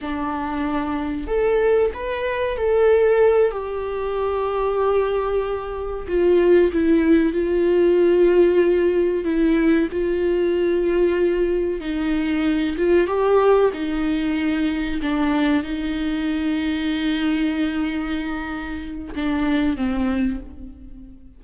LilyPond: \new Staff \with { instrumentName = "viola" } { \time 4/4 \tempo 4 = 94 d'2 a'4 b'4 | a'4. g'2~ g'8~ | g'4. f'4 e'4 f'8~ | f'2~ f'8 e'4 f'8~ |
f'2~ f'8 dis'4. | f'8 g'4 dis'2 d'8~ | d'8 dis'2.~ dis'8~ | dis'2 d'4 c'4 | }